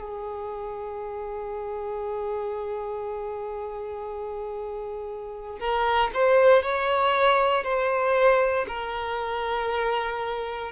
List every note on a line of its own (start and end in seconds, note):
0.00 5.59 G#4
5.60 6.11 A#4
6.14 6.62 C5
6.62 7.64 C#5
7.64 8.66 C5
8.68 10.71 A#4